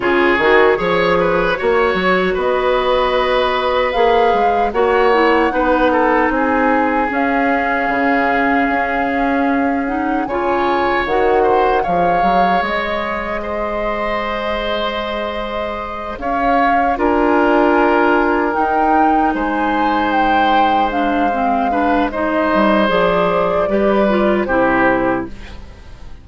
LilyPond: <<
  \new Staff \with { instrumentName = "flute" } { \time 4/4 \tempo 4 = 76 cis''2. dis''4~ | dis''4 f''4 fis''2 | gis''4 f''2.~ | f''8 fis''8 gis''4 fis''4 f''4 |
dis''1~ | dis''8 f''4 gis''2 g''8~ | g''8 gis''4 g''4 f''4. | dis''4 d''2 c''4 | }
  \new Staff \with { instrumentName = "oboe" } { \time 4/4 gis'4 cis''8 b'8 cis''4 b'4~ | b'2 cis''4 b'8 a'8 | gis'1~ | gis'4 cis''4. c''8 cis''4~ |
cis''4 c''2.~ | c''8 cis''4 ais'2~ ais'8~ | ais'8 c''2. b'8 | c''2 b'4 g'4 | }
  \new Staff \with { instrumentName = "clarinet" } { \time 4/4 f'8 fis'8 gis'4 fis'2~ | fis'4 gis'4 fis'8 e'8 dis'4~ | dis'4 cis'2.~ | cis'8 dis'8 f'4 fis'4 gis'4~ |
gis'1~ | gis'4. f'2 dis'8~ | dis'2~ dis'8 d'8 c'8 d'8 | dis'4 gis'4 g'8 f'8 e'4 | }
  \new Staff \with { instrumentName = "bassoon" } { \time 4/4 cis8 dis8 f4 ais8 fis8 b4~ | b4 ais8 gis8 ais4 b4 | c'4 cis'4 cis4 cis'4~ | cis'4 cis4 dis4 f8 fis8 |
gis1~ | gis8 cis'4 d'2 dis'8~ | dis'8 gis2.~ gis8~ | gis8 g8 f4 g4 c4 | }
>>